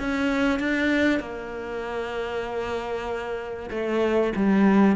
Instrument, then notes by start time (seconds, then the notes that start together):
cello
0.00 C#4
0.60 D4
1.20 A#3
3.71 A3
4.36 G3